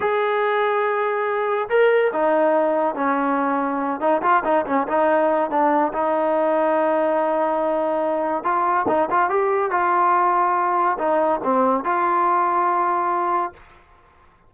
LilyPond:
\new Staff \with { instrumentName = "trombone" } { \time 4/4 \tempo 4 = 142 gis'1 | ais'4 dis'2 cis'4~ | cis'4. dis'8 f'8 dis'8 cis'8 dis'8~ | dis'4 d'4 dis'2~ |
dis'1 | f'4 dis'8 f'8 g'4 f'4~ | f'2 dis'4 c'4 | f'1 | }